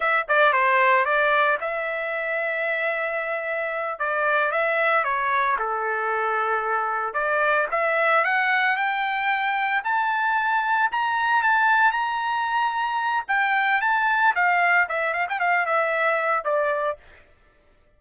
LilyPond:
\new Staff \with { instrumentName = "trumpet" } { \time 4/4 \tempo 4 = 113 e''8 d''8 c''4 d''4 e''4~ | e''2.~ e''8 d''8~ | d''8 e''4 cis''4 a'4.~ | a'4. d''4 e''4 fis''8~ |
fis''8 g''2 a''4.~ | a''8 ais''4 a''4 ais''4.~ | ais''4 g''4 a''4 f''4 | e''8 f''16 g''16 f''8 e''4. d''4 | }